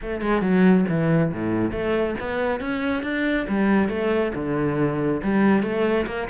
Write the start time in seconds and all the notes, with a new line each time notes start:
0.02 A3
0.21 G#3
0.41 F#3
0.89 E3
1.32 A2
1.71 A3
2.20 B3
2.60 C#4
3.02 D4
3.48 G3
3.88 A3
4.34 D3
5.23 G3
5.62 A3
6.06 A#3